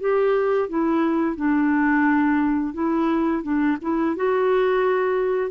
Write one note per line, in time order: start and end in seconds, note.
0.00 0.69 G4
0.69 1.36 E4
1.36 2.74 D4
2.74 3.43 E4
3.43 3.77 D4
3.82 4.16 E4
4.16 5.50 F#4